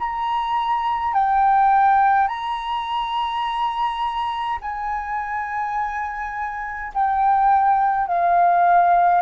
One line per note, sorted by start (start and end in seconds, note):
0.00 1.14 A#5
1.14 2.28 G5
2.28 4.59 A#5
4.62 6.92 G#5
6.95 8.08 G5
8.08 9.22 F5